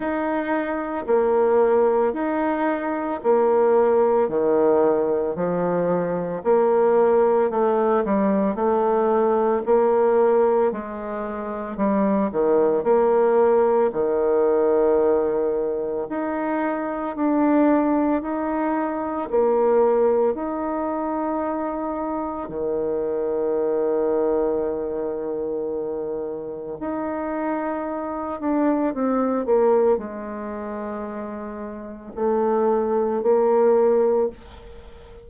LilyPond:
\new Staff \with { instrumentName = "bassoon" } { \time 4/4 \tempo 4 = 56 dis'4 ais4 dis'4 ais4 | dis4 f4 ais4 a8 g8 | a4 ais4 gis4 g8 dis8 | ais4 dis2 dis'4 |
d'4 dis'4 ais4 dis'4~ | dis'4 dis2.~ | dis4 dis'4. d'8 c'8 ais8 | gis2 a4 ais4 | }